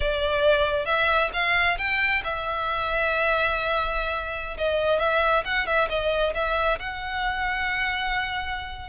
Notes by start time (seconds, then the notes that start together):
0.00 D5
0.85 E5
1.33 F5
1.78 G5
2.23 E5
4.57 D#5
4.99 E5
5.44 F#5
5.66 E5
5.89 D#5
6.34 E5
6.79 F#5